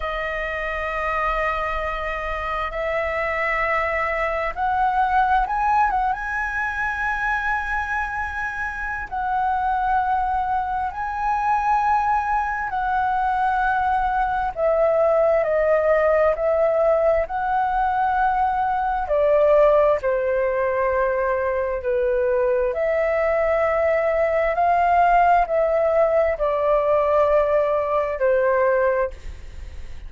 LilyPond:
\new Staff \with { instrumentName = "flute" } { \time 4/4 \tempo 4 = 66 dis''2. e''4~ | e''4 fis''4 gis''8 fis''16 gis''4~ gis''16~ | gis''2 fis''2 | gis''2 fis''2 |
e''4 dis''4 e''4 fis''4~ | fis''4 d''4 c''2 | b'4 e''2 f''4 | e''4 d''2 c''4 | }